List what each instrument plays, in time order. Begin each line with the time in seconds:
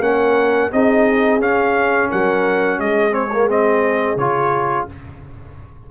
0.00 tuba A#3, trombone C#4, trumpet F#5
0.06 horn A#4
0.71 tuba C4, trombone D#4, horn G#4, trumpet D#5
1.40 tuba C#4, trombone C#4, trumpet F5
2.10 tuba F#3, horn A#4, trumpet F#5
2.79 tuba G#3, horn G#4, trumpet D#5
3.11 trombone C4, trumpet C#5
3.33 trombone A#3
3.48 trombone C4, trumpet D#5
4.17 tuba C#3, trombone F4, trumpet C#5